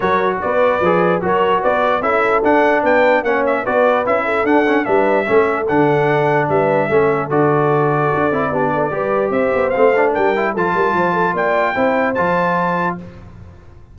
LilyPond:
<<
  \new Staff \with { instrumentName = "trumpet" } { \time 4/4 \tempo 4 = 148 cis''4 d''2 cis''4 | d''4 e''4 fis''4 g''4 | fis''8 e''8 d''4 e''4 fis''4 | e''2 fis''2 |
e''2 d''2~ | d''2. e''4 | f''4 g''4 a''2 | g''2 a''2 | }
  \new Staff \with { instrumentName = "horn" } { \time 4/4 ais'4 b'2 ais'4 | b'4 a'2 b'4 | cis''4 b'4. a'4. | b'4 a'2. |
b'4 a'2.~ | a'4 g'8 a'8 b'4 c''4~ | c''4 ais'4 a'8 ais'8 c''8 a'8 | d''4 c''2. | }
  \new Staff \with { instrumentName = "trombone" } { \time 4/4 fis'2 gis'4 fis'4~ | fis'4 e'4 d'2 | cis'4 fis'4 e'4 d'8 cis'8 | d'4 cis'4 d'2~ |
d'4 cis'4 fis'2~ | fis'8 e'8 d'4 g'2 | c'8 d'4 e'8 f'2~ | f'4 e'4 f'2 | }
  \new Staff \with { instrumentName = "tuba" } { \time 4/4 fis4 b4 f4 fis4 | b4 cis'4 d'4 b4 | ais4 b4 cis'4 d'4 | g4 a4 d2 |
g4 a4 d2 | d'8 c'8 b4 g4 c'8 b8 | a4 g4 f8 g8 f4 | ais4 c'4 f2 | }
>>